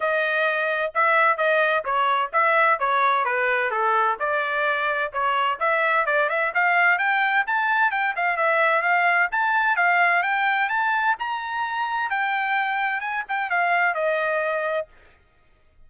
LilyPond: \new Staff \with { instrumentName = "trumpet" } { \time 4/4 \tempo 4 = 129 dis''2 e''4 dis''4 | cis''4 e''4 cis''4 b'4 | a'4 d''2 cis''4 | e''4 d''8 e''8 f''4 g''4 |
a''4 g''8 f''8 e''4 f''4 | a''4 f''4 g''4 a''4 | ais''2 g''2 | gis''8 g''8 f''4 dis''2 | }